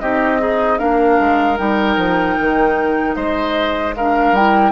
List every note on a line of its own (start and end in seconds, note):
0.00 0.80 C4
0.00 0.39 D#4
0.00 0.41 G4
0.00 0.79 D#5
0.39 0.79 D#4
0.39 0.78 G#4
0.78 1.19 A#3
0.78 1.57 D4
0.78 3.16 A#4
0.78 1.58 F5
1.19 1.59 G#3
1.57 1.97 G3
1.57 3.94 D#4
1.57 3.15 G5
1.97 2.36 F3
2.40 3.16 D#3
3.15 4.32 G#3
3.15 3.95 C5
3.15 3.94 D#5
3.96 4.37 D4
3.96 4.72 A#4
3.96 4.35 F5
4.32 4.71 G3
4.32 4.72 E4
4.32 4.72 G5